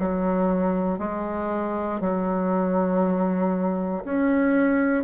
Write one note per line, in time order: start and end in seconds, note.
0.00 0.99 F#3
0.99 2.01 G#3
2.01 4.04 F#3
4.05 5.04 C#4